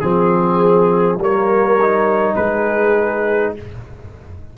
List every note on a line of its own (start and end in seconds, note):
0.00 1.17 F3
0.00 1.19 C4
0.00 1.18 G#4
0.00 1.21 G#4
1.17 2.34 G3
1.17 1.79 A#3
1.17 2.35 A#4
1.17 2.35 C#5
1.81 3.57 D#4
2.35 3.55 G#3
2.35 3.53 G#4
2.35 3.53 B4